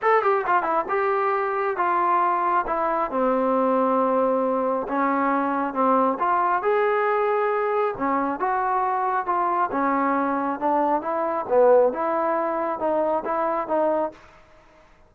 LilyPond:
\new Staff \with { instrumentName = "trombone" } { \time 4/4 \tempo 4 = 136 a'8 g'8 f'8 e'8 g'2 | f'2 e'4 c'4~ | c'2. cis'4~ | cis'4 c'4 f'4 gis'4~ |
gis'2 cis'4 fis'4~ | fis'4 f'4 cis'2 | d'4 e'4 b4 e'4~ | e'4 dis'4 e'4 dis'4 | }